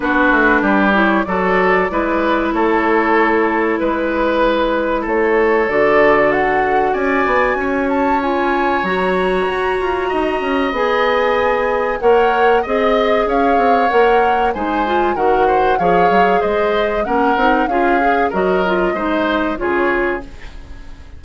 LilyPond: <<
  \new Staff \with { instrumentName = "flute" } { \time 4/4 \tempo 4 = 95 b'4. cis''8 d''2 | cis''2 b'2 | cis''4 d''4 fis''4 gis''4~ | gis''8 a''8 gis''4 ais''2~ |
ais''4 gis''2 fis''4 | dis''4 f''4 fis''4 gis''4 | fis''4 f''4 dis''4 fis''4 | f''4 dis''2 cis''4 | }
  \new Staff \with { instrumentName = "oboe" } { \time 4/4 fis'4 g'4 a'4 b'4 | a'2 b'2 | a'2. d''4 | cis''1 |
dis''2. cis''4 | dis''4 cis''2 c''4 | ais'8 c''8 cis''4 c''4 ais'4 | gis'4 ais'4 c''4 gis'4 | }
  \new Staff \with { instrumentName = "clarinet" } { \time 4/4 d'4. e'8 fis'4 e'4~ | e'1~ | e'4 fis'2.~ | fis'4 f'4 fis'2~ |
fis'4 gis'2 ais'4 | gis'2 ais'4 dis'8 f'8 | fis'4 gis'2 cis'8 dis'8 | f'8 gis'8 fis'8 f'8 dis'4 f'4 | }
  \new Staff \with { instrumentName = "bassoon" } { \time 4/4 b8 a8 g4 fis4 gis4 | a2 gis2 | a4 d2 cis'8 b8 | cis'2 fis4 fis'8 f'8 |
dis'8 cis'8 b2 ais4 | c'4 cis'8 c'8 ais4 gis4 | dis4 f8 fis8 gis4 ais8 c'8 | cis'4 fis4 gis4 cis4 | }
>>